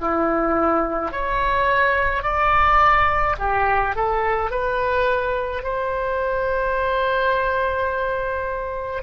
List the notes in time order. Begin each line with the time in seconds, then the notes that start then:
0.00 E4
1.11 C#5
2.22 D5
3.38 G4
3.95 A4
4.50 B4
5.63 C5